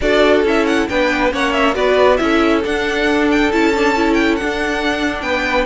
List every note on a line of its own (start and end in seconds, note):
0.01 0.43 D4
0.01 0.45 F#4
0.01 0.89 A4
0.01 0.45 D5
0.43 0.86 C#4
0.43 0.89 E4
0.43 0.66 E5
0.66 0.88 F#5
0.89 1.32 B3
0.89 1.30 D4
0.89 1.33 B4
0.89 1.32 G5
1.30 1.75 A#3
1.30 1.73 C#4
1.30 1.74 C#5
1.30 1.52 F#5
1.52 1.74 E5
1.74 2.19 B3
1.74 2.18 F#4
1.74 2.18 B4
1.74 2.17 D5
2.17 2.64 C#4
2.17 2.61 E4
2.17 2.61 E5
2.23 5.23 A4
2.65 3.52 D4
2.65 3.30 F#5
3.30 3.52 G5
3.52 4.40 C#4
3.52 3.74 E4
3.52 4.13 A5
3.74 3.95 D4
3.95 4.39 E4
4.13 4.35 G5
4.36 5.65 D4
4.36 5.21 F#5
4.42 5.22 D4
5.21 5.65 B3
5.21 5.65 B4
5.21 5.65 G5